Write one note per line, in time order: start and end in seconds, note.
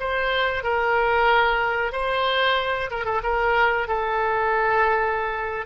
0.00 0.64 C5
0.64 1.93 A#4
1.93 2.91 C5
2.91 3.06 A#4
3.06 3.22 A4
3.23 3.88 A#4
3.88 5.66 A4